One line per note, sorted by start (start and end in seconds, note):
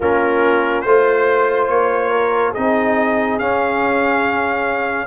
0.00 0.84 A#3
0.00 0.86 C#4
0.00 0.84 F4
0.00 0.81 A#4
0.81 1.68 A3
0.81 2.55 F4
0.81 1.65 C5
0.81 2.11 C5
1.68 2.53 A#3
1.68 2.53 C#5
2.11 2.51 A#4
2.51 3.39 C4
2.51 3.40 D#4
2.51 5.05 G#4
2.51 3.38 D#5
3.38 5.07 C#4
3.38 5.07 F5